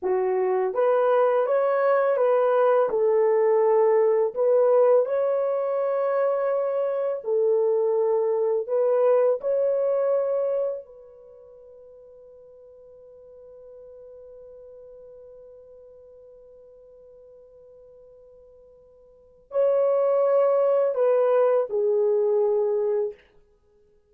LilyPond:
\new Staff \with { instrumentName = "horn" } { \time 4/4 \tempo 4 = 83 fis'4 b'4 cis''4 b'4 | a'2 b'4 cis''4~ | cis''2 a'2 | b'4 cis''2 b'4~ |
b'1~ | b'1~ | b'2. cis''4~ | cis''4 b'4 gis'2 | }